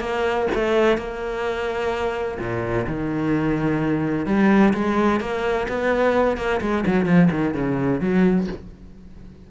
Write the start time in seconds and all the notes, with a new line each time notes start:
0.00 A#3
0.55 A3
0.98 A#3
2.39 A#2
2.87 D#3
4.26 G3
4.73 G#3
5.21 A#3
5.68 B3
6.37 A#3
6.61 G#3
6.86 F#3
7.06 F3
7.31 D#3
7.54 C#3
8.00 F#3